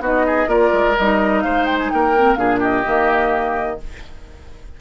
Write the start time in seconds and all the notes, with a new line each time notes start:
0.00 B3 D#4 F#4 D#5
0.27 G#4
0.47 A#3 F4 A#4 D5
0.73 G#3
0.97 G3 D#4 D#5
1.41 G#3 C5 F5
1.65 G5
1.79 G#5
1.90 A#3 A#4 G5
2.16 C4
2.35 A#2 D4 G#4 F5
2.60 G4 D#5
2.84 D#3 A#3